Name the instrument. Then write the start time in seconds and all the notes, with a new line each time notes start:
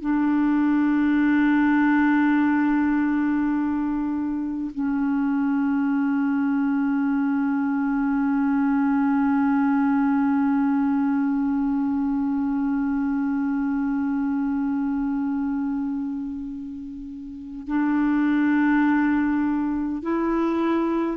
clarinet
0.00 D4
4.74 C#4
17.67 D4
20.02 E4